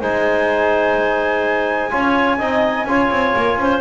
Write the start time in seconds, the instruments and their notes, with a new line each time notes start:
0.00 double bass G#3, trombone D#4, clarinet C5, flute G#5
1.91 double bass C#4, trombone F4, clarinet C#5
2.38 double bass C4, trombone D#4, clarinet D#5
2.86 double bass C#4, trombone F4, clarinet C#5
3.10 double bass C4
3.36 double bass A#3
3.57 double bass C#4, clarinet C5